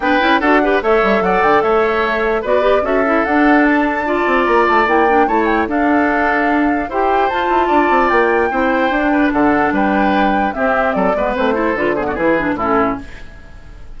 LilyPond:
<<
  \new Staff \with { instrumentName = "flute" } { \time 4/4 \tempo 4 = 148 g''4 fis''4 e''4 fis''8 g''8 | e''2 d''4 e''4 | fis''4 a''2 ais''8 a''8 | g''4 a''8 g''8 f''2~ |
f''4 g''4 a''2 | g''2. fis''4 | g''2 e''4 d''4 | c''4 b'8 c''16 d''16 b'4 a'4 | }
  \new Staff \with { instrumentName = "oboe" } { \time 4/4 b'4 a'8 b'8 cis''4 d''4 | cis''2 b'4 a'4~ | a'2 d''2~ | d''4 cis''4 a'2~ |
a'4 c''2 d''4~ | d''4 c''4. b'8 a'4 | b'2 g'4 a'8 b'8~ | b'8 a'4 gis'16 fis'16 gis'4 e'4 | }
  \new Staff \with { instrumentName = "clarinet" } { \time 4/4 d'8 e'8 fis'8 g'8 a'2~ | a'2 fis'8 g'8 fis'8 e'8 | d'2 f'2 | e'8 d'8 e'4 d'2~ |
d'4 g'4 f'2~ | f'4 e'4 d'2~ | d'2 c'4. b8 | c'8 e'8 f'8 b8 e'8 d'8 cis'4 | }
  \new Staff \with { instrumentName = "bassoon" } { \time 4/4 b8 cis'8 d'4 a8 g8 fis8 d8 | a2 b4 cis'4 | d'2~ d'8 c'8 ais8 a8 | ais4 a4 d'2~ |
d'4 e'4 f'8 e'8 d'8 c'8 | ais4 c'4 d'4 d4 | g2 c'4 fis8 gis8 | a4 d4 e4 a,4 | }
>>